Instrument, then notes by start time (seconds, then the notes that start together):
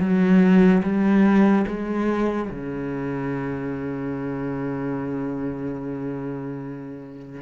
cello
0.00 F#3
0.83 G3
1.67 G#3
2.50 C#3